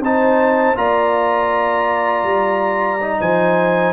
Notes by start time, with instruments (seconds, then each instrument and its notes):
0.00 tuba C4, trombone D#4, horn C5, trumpet A5
0.75 tuba A#3, trombone F4, horn D5, trumpet A#5
2.24 tuba G3
3.02 trombone D#4
3.21 tuba F3, horn C5, trumpet G#5